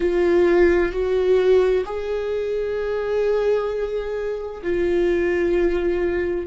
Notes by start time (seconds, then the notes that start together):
0.00 F4
0.91 F#4
1.85 G#4
4.62 F4